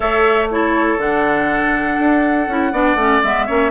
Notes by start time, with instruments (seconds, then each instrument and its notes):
0.00 bassoon A3, clarinet A4, oboe C#5, flute E5
0.50 clarinet E4, oboe A4, flute C#5
0.98 bassoon D3, clarinet D4, flute F#5
1.99 bassoon D4
2.47 bassoon C#4, clarinet E4
2.72 bassoon B3, clarinet D4, oboe D5
2.95 bassoon A3, clarinet C#4
3.23 bassoon G#3, clarinet B3, flute E5
3.46 bassoon A#3, clarinet C#4, oboe C#5